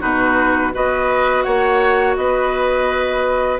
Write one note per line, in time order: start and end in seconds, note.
0.00 0.74 B2
0.00 0.71 D#4
0.00 0.72 F#4
0.00 0.73 B4
0.73 1.46 B3
0.73 3.59 F#4
0.73 1.44 B4
0.73 1.42 D#5
1.42 2.16 A#3
1.42 2.16 C#5
1.42 2.14 F#5
2.15 3.59 B3
2.15 3.59 B4
2.15 3.58 D#5